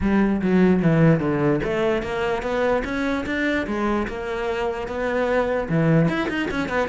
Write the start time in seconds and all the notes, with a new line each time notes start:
0.00 G3
0.41 F#3
0.82 E3
1.20 D3
1.64 A3
2.02 A#3
2.42 B3
2.84 C#4
3.26 D4
3.66 G#3
4.07 A#3
4.87 B3
5.69 E3
6.08 E4
6.28 D#4
6.50 C#4
6.68 B3